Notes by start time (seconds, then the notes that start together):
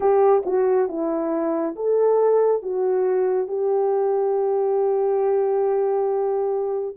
0.00 G4
0.45 F#4
0.88 E4
1.75 A4
2.62 F#4
3.47 G4